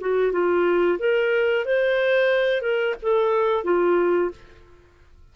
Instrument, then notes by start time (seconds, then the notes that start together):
clarinet
0.00 F#4
0.32 F4
0.98 A#4
1.65 C5
2.62 A#4
3.02 A4
3.64 F4